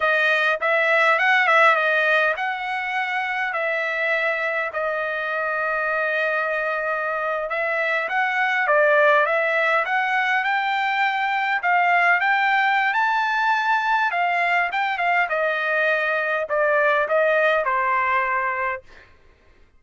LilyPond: \new Staff \with { instrumentName = "trumpet" } { \time 4/4 \tempo 4 = 102 dis''4 e''4 fis''8 e''8 dis''4 | fis''2 e''2 | dis''1~ | dis''8. e''4 fis''4 d''4 e''16~ |
e''8. fis''4 g''2 f''16~ | f''8. g''4~ g''16 a''2 | f''4 g''8 f''8 dis''2 | d''4 dis''4 c''2 | }